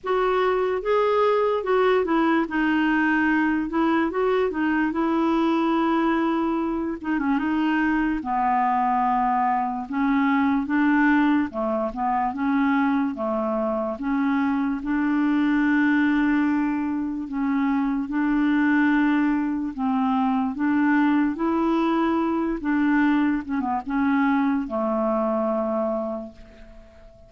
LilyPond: \new Staff \with { instrumentName = "clarinet" } { \time 4/4 \tempo 4 = 73 fis'4 gis'4 fis'8 e'8 dis'4~ | dis'8 e'8 fis'8 dis'8 e'2~ | e'8 dis'16 cis'16 dis'4 b2 | cis'4 d'4 a8 b8 cis'4 |
a4 cis'4 d'2~ | d'4 cis'4 d'2 | c'4 d'4 e'4. d'8~ | d'8 cis'16 b16 cis'4 a2 | }